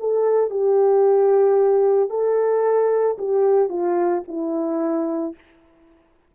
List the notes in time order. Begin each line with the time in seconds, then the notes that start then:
0.00 A4
0.50 G4
2.10 A4
3.19 G4
3.69 F4
4.28 E4